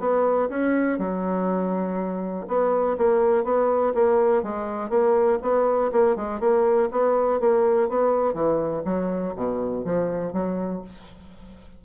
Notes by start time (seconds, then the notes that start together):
0.00 B3
0.50 C#4
0.99 F#3
2.48 B3
2.98 A#3
3.44 B3
3.95 A#3
4.43 G#3
4.90 A#3
5.42 B3
5.92 A#3
6.16 G#3
6.40 A#3
6.92 B3
7.40 A#3
7.89 B3
8.34 E3
8.85 F#3
9.36 B2
9.85 F3
10.33 F#3